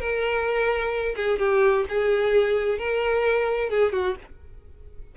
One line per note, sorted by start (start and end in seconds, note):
0.00 1.15 A#4
1.16 1.39 G#4
1.39 1.85 G4
1.89 2.78 G#4
2.78 3.70 A#4
3.70 3.93 G#4
3.93 4.16 F#4